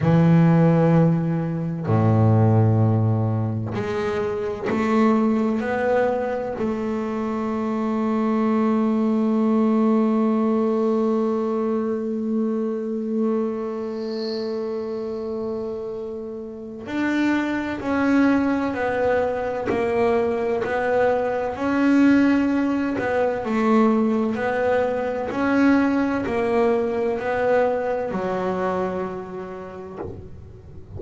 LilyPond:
\new Staff \with { instrumentName = "double bass" } { \time 4/4 \tempo 4 = 64 e2 a,2 | gis4 a4 b4 a4~ | a1~ | a1~ |
a2 d'4 cis'4 | b4 ais4 b4 cis'4~ | cis'8 b8 a4 b4 cis'4 | ais4 b4 fis2 | }